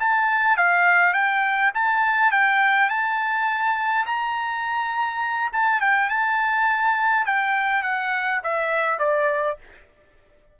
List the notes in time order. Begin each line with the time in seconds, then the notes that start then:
0.00 A5
0.57 F5
1.14 G5
1.74 A5
2.32 G5
2.90 A5
4.06 A#5
5.53 A5
5.81 G5
6.10 A5
7.26 G5
7.83 F#5
8.44 E5
8.99 D5